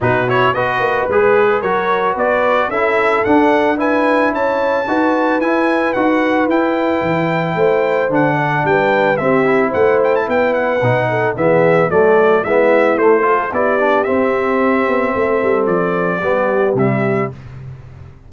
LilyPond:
<<
  \new Staff \with { instrumentName = "trumpet" } { \time 4/4 \tempo 4 = 111 b'8 cis''8 dis''4 b'4 cis''4 | d''4 e''4 fis''4 gis''4 | a''2 gis''4 fis''4 | g''2. fis''4 |
g''4 e''4 fis''8 g''16 a''16 g''8 fis''8~ | fis''4 e''4 d''4 e''4 | c''4 d''4 e''2~ | e''4 d''2 e''4 | }
  \new Staff \with { instrumentName = "horn" } { \time 4/4 fis'4 b'2 ais'4 | b'4 a'2 b'4 | cis''4 b'2.~ | b'2 c''4. d''8 |
b'4 g'4 c''4 b'4~ | b'8 a'8 gis'4 a'4 e'4~ | e'8 a'8 g'2. | a'2 g'2 | }
  \new Staff \with { instrumentName = "trombone" } { \time 4/4 dis'8 e'8 fis'4 gis'4 fis'4~ | fis'4 e'4 d'4 e'4~ | e'4 fis'4 e'4 fis'4 | e'2. d'4~ |
d'4 c'8 e'2~ e'8 | dis'4 b4 a4 b4 | a8 f'8 e'8 d'8 c'2~ | c'2 b4 g4 | }
  \new Staff \with { instrumentName = "tuba" } { \time 4/4 b,4 b8 ais8 gis4 fis4 | b4 cis'4 d'2 | cis'4 dis'4 e'4 dis'4 | e'4 e4 a4 d4 |
g4 c'4 a4 b4 | b,4 e4 fis4 gis4 | a4 b4 c'4. b8 | a8 g8 f4 g4 c4 | }
>>